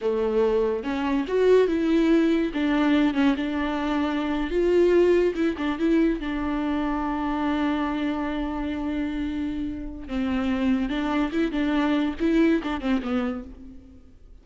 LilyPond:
\new Staff \with { instrumentName = "viola" } { \time 4/4 \tempo 4 = 143 a2 cis'4 fis'4 | e'2 d'4. cis'8 | d'2~ d'8. f'4~ f'16~ | f'8. e'8 d'8 e'4 d'4~ d'16~ |
d'1~ | d'1 | c'2 d'4 e'8 d'8~ | d'4 e'4 d'8 c'8 b4 | }